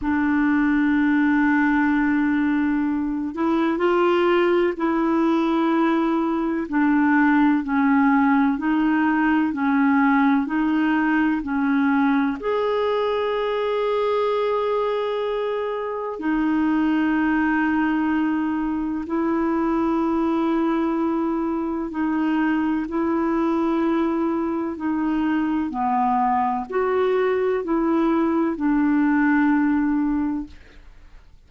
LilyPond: \new Staff \with { instrumentName = "clarinet" } { \time 4/4 \tempo 4 = 63 d'2.~ d'8 e'8 | f'4 e'2 d'4 | cis'4 dis'4 cis'4 dis'4 | cis'4 gis'2.~ |
gis'4 dis'2. | e'2. dis'4 | e'2 dis'4 b4 | fis'4 e'4 d'2 | }